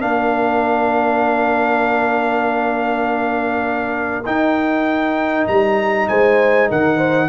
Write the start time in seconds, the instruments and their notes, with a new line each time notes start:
0.00 tuba A#3, trombone D4, horn A#4, trumpet F5
4.26 trombone D#4, tuba D#4, trumpet G5
5.48 tuba G3, trumpet A#5
6.08 tuba G#3, horn C5, trumpet G#5
6.70 tuba D#3, horn A#4, trumpet F#5
6.97 horn C5